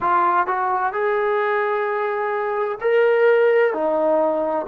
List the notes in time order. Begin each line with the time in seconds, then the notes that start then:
0.00 F4
0.47 F#4
0.92 G#4
2.81 A#4
3.73 D#4